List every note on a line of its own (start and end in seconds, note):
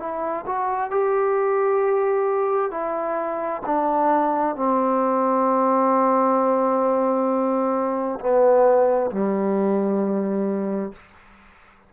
0.00 0.45 E4
0.47 0.91 F#4
0.91 2.71 G4
2.71 3.62 E4
3.67 4.57 D4
4.57 8.20 C4
8.20 9.11 B3
9.11 10.93 G3